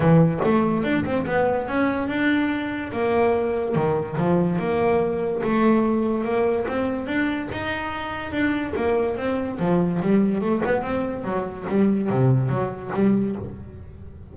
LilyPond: \new Staff \with { instrumentName = "double bass" } { \time 4/4 \tempo 4 = 144 e4 a4 d'8 c'8 b4 | cis'4 d'2 ais4~ | ais4 dis4 f4 ais4~ | ais4 a2 ais4 |
c'4 d'4 dis'2 | d'4 ais4 c'4 f4 | g4 a8 b8 c'4 fis4 | g4 c4 fis4 g4 | }